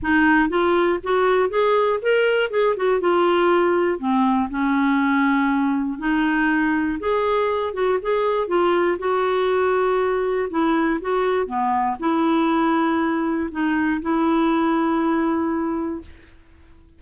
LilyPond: \new Staff \with { instrumentName = "clarinet" } { \time 4/4 \tempo 4 = 120 dis'4 f'4 fis'4 gis'4 | ais'4 gis'8 fis'8 f'2 | c'4 cis'2. | dis'2 gis'4. fis'8 |
gis'4 f'4 fis'2~ | fis'4 e'4 fis'4 b4 | e'2. dis'4 | e'1 | }